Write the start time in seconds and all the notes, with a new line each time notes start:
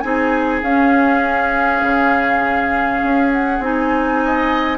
0.00 C4 D#4 G#4 G#5
0.62 C#4 F5
1.82 C#3
3.03 C#4
3.33 F#5
3.59 C4 D#4 G#5
4.25 D#5